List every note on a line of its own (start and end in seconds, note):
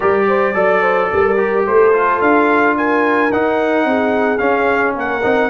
0.00 0.54 G3
0.00 0.54 G4
0.00 0.26 A#4
0.00 1.64 D5
0.28 0.54 C5
0.54 1.10 F#3
0.54 1.36 A4
0.54 0.82 D5
0.82 1.09 C5
1.12 1.66 G3
1.12 1.67 A#4
1.36 1.92 G4
1.66 2.21 A3
1.66 2.77 A4
1.66 2.21 C5
1.92 3.30 F4
2.21 3.31 D4
2.21 2.76 F5
2.77 3.87 A#4
2.77 3.32 G#5
3.32 3.84 D#4
3.32 4.38 D#4
3.32 4.37 F#5
3.84 4.39 C4
3.84 4.94 G#4
4.37 5.21 C#4
4.37 4.96 C#4
4.37 4.93 F5
4.94 5.23 A#3
4.94 5.49 A#4
4.94 5.49 F#5
5.22 5.49 C4
5.22 5.49 D#4